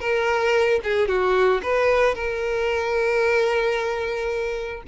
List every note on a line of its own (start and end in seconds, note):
0.00 0.80 A#4
0.84 1.08 G#4
1.08 1.61 F#4
1.63 2.15 B4
2.15 4.83 A#4